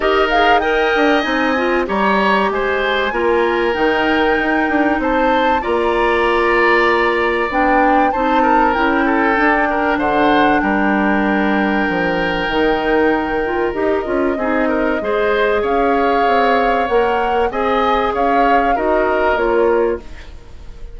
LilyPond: <<
  \new Staff \with { instrumentName = "flute" } { \time 4/4 \tempo 4 = 96 dis''8 f''8 g''4 gis''4 ais''4 | gis''2 g''2 | a''4 ais''2. | g''4 a''4 g''2 |
fis''4 g''2.~ | g''2 dis''2~ | dis''4 f''2 fis''4 | gis''4 f''4 dis''4 cis''4 | }
  \new Staff \with { instrumentName = "oboe" } { \time 4/4 ais'4 dis''2 cis''4 | c''4 ais'2. | c''4 d''2.~ | d''4 c''8 ais'4 a'4 ais'8 |
c''4 ais'2.~ | ais'2. gis'8 ais'8 | c''4 cis''2. | dis''4 cis''4 ais'2 | }
  \new Staff \with { instrumentName = "clarinet" } { \time 4/4 g'8 gis'8 ais'4 dis'8 f'8 g'4~ | g'4 f'4 dis'2~ | dis'4 f'2. | d'4 dis'4 e'4 d'4~ |
d'1 | dis'4. f'8 g'8 f'8 dis'4 | gis'2. ais'4 | gis'2 fis'4 f'4 | }
  \new Staff \with { instrumentName = "bassoon" } { \time 4/4 dis'4. d'8 c'4 g4 | gis4 ais4 dis4 dis'8 d'8 | c'4 ais2. | b4 c'4 cis'4 d'4 |
d4 g2 f4 | dis2 dis'8 cis'8 c'4 | gis4 cis'4 c'4 ais4 | c'4 cis'4 dis'4 ais4 | }
>>